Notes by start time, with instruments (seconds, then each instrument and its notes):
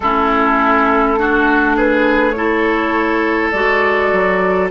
0.00 bassoon A3, clarinet C#4, oboe E4, flute A4
1.17 clarinet D4, oboe F#4
1.76 oboe G#4, flute B4
2.31 clarinet E4, oboe A4, flute C#5
3.51 bassoon G#3, clarinet F#4, flute D5
4.12 bassoon F#3